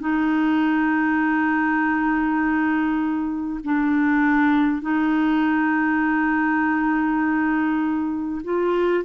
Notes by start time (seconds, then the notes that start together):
0.00 D#4
3.64 D4
4.82 D#4
8.44 F4